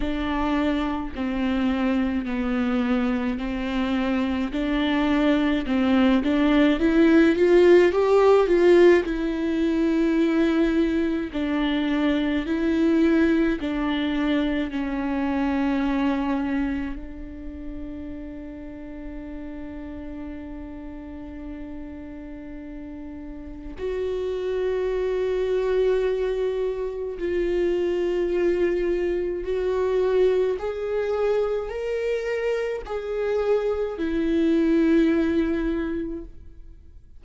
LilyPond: \new Staff \with { instrumentName = "viola" } { \time 4/4 \tempo 4 = 53 d'4 c'4 b4 c'4 | d'4 c'8 d'8 e'8 f'8 g'8 f'8 | e'2 d'4 e'4 | d'4 cis'2 d'4~ |
d'1~ | d'4 fis'2. | f'2 fis'4 gis'4 | ais'4 gis'4 e'2 | }